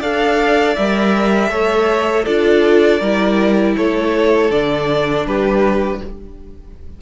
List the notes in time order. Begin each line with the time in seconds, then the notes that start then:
0.00 D4 A4 D5 F5
0.75 G3 A#4 E5
1.48 A3 A4 C#5
2.24 D4 F4 A4 D5
2.99 G3 E4 A#4
3.77 A3 A4 C#5
4.50 D3 D4 D5
5.25 G3 G4 B4